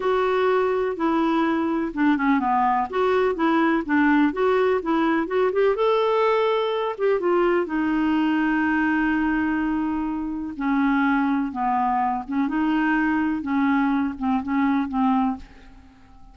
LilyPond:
\new Staff \with { instrumentName = "clarinet" } { \time 4/4 \tempo 4 = 125 fis'2 e'2 | d'8 cis'8 b4 fis'4 e'4 | d'4 fis'4 e'4 fis'8 g'8 | a'2~ a'8 g'8 f'4 |
dis'1~ | dis'2 cis'2 | b4. cis'8 dis'2 | cis'4. c'8 cis'4 c'4 | }